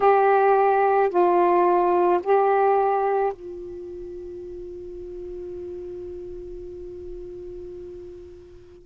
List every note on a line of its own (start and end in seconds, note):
0.00 1.09 G4
1.09 2.20 F4
2.23 3.32 G4
3.32 8.86 F4